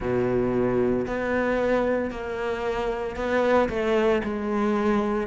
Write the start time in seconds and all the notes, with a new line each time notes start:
0.00 B2
1.07 B3
2.11 A#3
3.16 B3
3.69 A3
4.23 G#3